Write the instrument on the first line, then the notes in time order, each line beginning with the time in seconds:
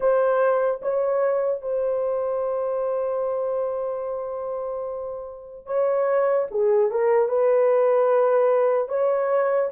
horn
0.00 C5
0.81 C#5
1.61 C5
5.66 C#5
6.50 G#4
6.91 A#4
7.28 B4
8.88 C#5